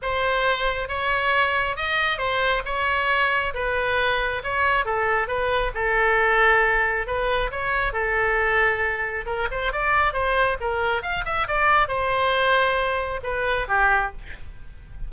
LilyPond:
\new Staff \with { instrumentName = "oboe" } { \time 4/4 \tempo 4 = 136 c''2 cis''2 | dis''4 c''4 cis''2 | b'2 cis''4 a'4 | b'4 a'2. |
b'4 cis''4 a'2~ | a'4 ais'8 c''8 d''4 c''4 | ais'4 f''8 e''8 d''4 c''4~ | c''2 b'4 g'4 | }